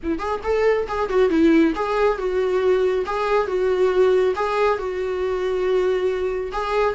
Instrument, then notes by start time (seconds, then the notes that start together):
viola
0.03 E4
0.18 G#4
0.43 A4
0.88 G#4
1.09 F#4
1.29 E4
1.75 G#4
2.18 F#4
3.06 G#4
3.47 F#4
4.35 G#4
4.78 F#4
6.52 G#4